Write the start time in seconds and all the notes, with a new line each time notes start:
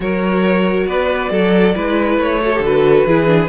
0.00 F#3 F#4 A#4 C#5
0.86 B3 B4 D5
1.30 F#3 A4
1.75 G#3 E4 B4
2.18 A3 C#5
2.41 F#4 A4
2.54 D3 G4
2.64 F#4 B4
3.06 E3 E4 G#4
3.26 D4